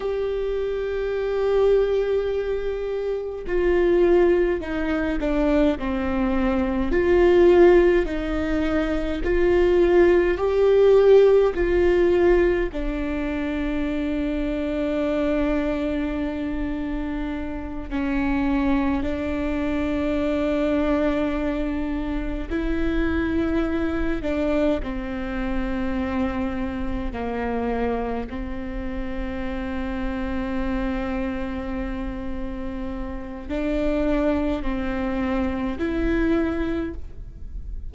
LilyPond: \new Staff \with { instrumentName = "viola" } { \time 4/4 \tempo 4 = 52 g'2. f'4 | dis'8 d'8 c'4 f'4 dis'4 | f'4 g'4 f'4 d'4~ | d'2.~ d'8 cis'8~ |
cis'8 d'2. e'8~ | e'4 d'8 c'2 ais8~ | ais8 c'2.~ c'8~ | c'4 d'4 c'4 e'4 | }